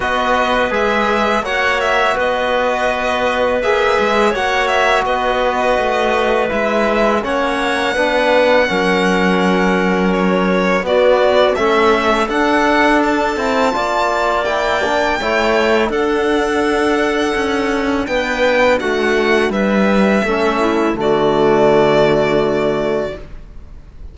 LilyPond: <<
  \new Staff \with { instrumentName = "violin" } { \time 4/4 \tempo 4 = 83 dis''4 e''4 fis''8 e''8 dis''4~ | dis''4 e''4 fis''8 e''8 dis''4~ | dis''4 e''4 fis''2~ | fis''2 cis''4 d''4 |
e''4 fis''4 a''2 | g''2 fis''2~ | fis''4 g''4 fis''4 e''4~ | e''4 d''2. | }
  \new Staff \with { instrumentName = "clarinet" } { \time 4/4 b'2 cis''4 b'4~ | b'2 cis''4 b'4~ | b'2 cis''4 b'4 | ais'2. fis'4 |
a'2. d''4~ | d''4 cis''4 a'2~ | a'4 b'4 fis'4 b'4 | a'8 e'8 fis'2. | }
  \new Staff \with { instrumentName = "trombone" } { \time 4/4 fis'4 gis'4 fis'2~ | fis'4 gis'4 fis'2~ | fis'4 e'4 cis'4 d'4 | cis'2. b4 |
cis'4 d'4. e'8 f'4 | e'8 d'8 e'4 d'2~ | d'1 | cis'4 a2. | }
  \new Staff \with { instrumentName = "cello" } { \time 4/4 b4 gis4 ais4 b4~ | b4 ais8 gis8 ais4 b4 | a4 gis4 ais4 b4 | fis2. b4 |
a4 d'4. c'8 ais4~ | ais4 a4 d'2 | cis'4 b4 a4 g4 | a4 d2. | }
>>